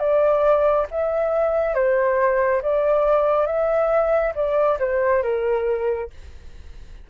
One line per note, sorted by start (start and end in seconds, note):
0.00 0.87 D5
0.91 1.75 E5
1.75 2.62 C5
2.62 3.47 D5
3.47 4.34 E5
4.36 4.79 D5
4.80 5.23 C5
5.23 6.10 A#4